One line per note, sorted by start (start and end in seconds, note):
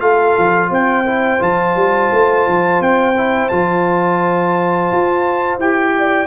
0.00 0.36 A3
0.00 1.05 F4
0.00 0.70 A4
0.00 0.70 F5
0.38 0.70 F3
0.70 1.40 C4
0.70 5.93 C5
0.70 1.42 G5
1.06 1.39 E4
1.39 1.75 F3
1.39 3.14 F4
1.39 2.82 A5
1.75 2.10 G3
2.11 2.46 A3
2.47 2.80 F3
2.80 3.50 C4
2.80 3.48 G5
3.17 3.50 E4
3.48 4.91 F3
3.48 5.60 F4
3.48 5.58 A5
4.91 5.58 F4
5.58 6.27 E4
5.58 6.27 G4
5.58 6.27 G5
5.98 6.27 D5